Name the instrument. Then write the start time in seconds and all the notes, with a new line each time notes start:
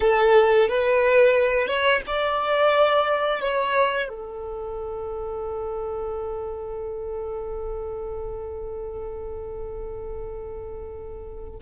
violin
0.00 A4
0.68 B4
1.67 C#5
2.06 D5
3.40 C#5
4.08 A4